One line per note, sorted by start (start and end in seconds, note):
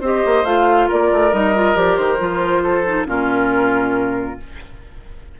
0.00 0.22 C4
0.00 0.45 G4
0.00 0.87 C5
0.00 0.44 D#5
0.25 0.44 A#3
0.44 0.87 A3
0.44 1.31 F4
0.44 0.88 F5
0.87 1.11 A#3
0.87 2.62 A#4
0.87 1.33 D5
1.11 1.32 A3
1.31 1.75 G3
1.31 1.53 D#4
1.31 1.76 D#5
1.54 1.74 F4
1.74 1.97 F3
1.74 2.18 G4
1.74 1.96 D5
1.96 2.19 D#3
1.96 3.06 C5
2.18 3.07 F3
2.18 2.84 F4
2.62 3.06 A4
2.86 3.05 D#4
3.05 4.38 A#2
3.05 4.37 C#4
3.05 4.39 F4
3.05 4.40 A#4